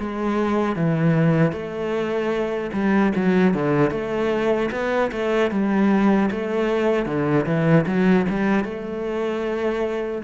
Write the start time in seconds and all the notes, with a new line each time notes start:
0.00 G#3
0.76 E3
1.53 A3
2.73 G3
3.16 F#3
3.54 D3
3.91 A3
4.72 B3
5.12 A3
5.51 G3
6.32 A3
7.06 D3
7.46 E3
7.87 F#3
8.30 G3
8.65 A3